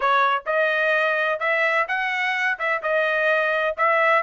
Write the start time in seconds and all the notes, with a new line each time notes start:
0.00 C#5
0.46 D#5
1.39 E5
1.88 F#5
2.58 E5
2.82 D#5
3.77 E5